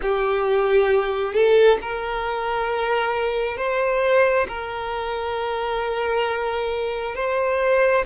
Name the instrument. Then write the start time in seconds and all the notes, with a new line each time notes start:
violin
0.02 G4
1.33 A4
1.81 A#4
3.57 C5
4.48 A#4
7.15 C5